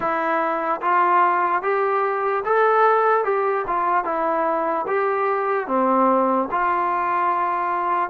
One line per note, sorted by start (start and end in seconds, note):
0.00 0.80 E4
0.81 1.62 F4
1.62 2.43 G4
2.44 3.24 A4
3.24 3.65 G4
3.67 4.04 F4
4.04 4.85 E4
4.87 5.67 G4
5.67 6.48 C4
6.51 8.10 F4